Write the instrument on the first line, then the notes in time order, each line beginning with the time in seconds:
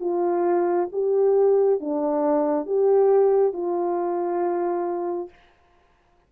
horn
0.00 F4
0.92 G4
1.80 D4
2.66 G4
3.53 F4